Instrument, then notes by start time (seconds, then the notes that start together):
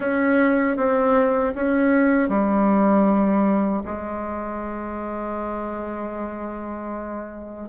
bassoon
0.00 C#4
0.77 C4
1.55 C#4
2.29 G3
3.85 G#3